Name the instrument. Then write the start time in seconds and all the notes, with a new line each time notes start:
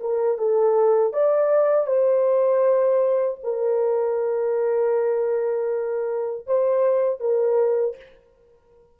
horn
0.00 A#4
0.38 A4
1.13 D5
1.86 C5
3.43 A#4
6.46 C5
7.20 A#4